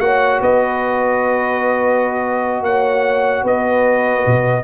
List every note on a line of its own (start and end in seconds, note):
0.00 0.40 A#3
0.00 4.64 F#4
0.00 0.42 C#5
0.00 0.41 F#5
0.41 2.62 B3
0.41 2.63 B4
0.41 2.64 D#5
2.62 3.43 A#3
2.62 3.45 C#5
2.62 3.45 F#5
3.43 4.24 B3
3.43 4.64 B4
3.43 4.64 D#5
4.26 4.64 B2